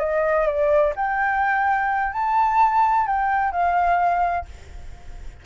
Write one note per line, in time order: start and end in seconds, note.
0.00 0.47 D#5
0.47 0.94 D5
0.96 2.13 G5
2.13 3.07 A5
3.07 3.52 G5
3.52 4.46 F5